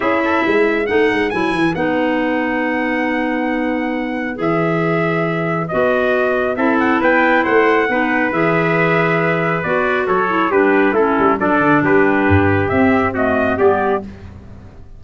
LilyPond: <<
  \new Staff \with { instrumentName = "trumpet" } { \time 4/4 \tempo 4 = 137 e''2 fis''4 gis''4 | fis''1~ | fis''2 e''2~ | e''4 dis''2 e''8 fis''8 |
g''4 fis''2 e''4~ | e''2 d''4 cis''4 | b'4 a'4 d''4 b'4~ | b'4 e''4 dis''4 d''4 | }
  \new Staff \with { instrumentName = "trumpet" } { \time 4/4 gis'8 a'8 b'2.~ | b'1~ | b'1~ | b'2. a'4 |
b'4 c''4 b'2~ | b'2. a'4 | g'4 e'4 a'4 g'4~ | g'2 fis'4 g'4 | }
  \new Staff \with { instrumentName = "clarinet" } { \time 4/4 e'2 dis'4 e'4 | dis'1~ | dis'2 gis'2~ | gis'4 fis'2 e'4~ |
e'2 dis'4 gis'4~ | gis'2 fis'4. e'8 | d'4 cis'4 d'2~ | d'4 c'4 a4 b4 | }
  \new Staff \with { instrumentName = "tuba" } { \time 4/4 cis'4 gis4 a8 gis8 fis8 e8 | b1~ | b2 e2~ | e4 b2 c'4 |
b4 a4 b4 e4~ | e2 b4 fis4 | g4 a8 g8 fis8 d8 g4 | g,4 c'2 g4 | }
>>